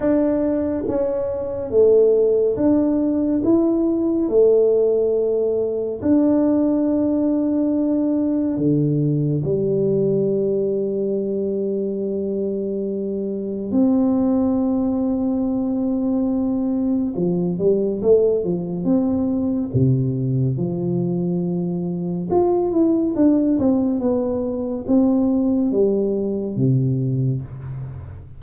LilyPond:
\new Staff \with { instrumentName = "tuba" } { \time 4/4 \tempo 4 = 70 d'4 cis'4 a4 d'4 | e'4 a2 d'4~ | d'2 d4 g4~ | g1 |
c'1 | f8 g8 a8 f8 c'4 c4 | f2 f'8 e'8 d'8 c'8 | b4 c'4 g4 c4 | }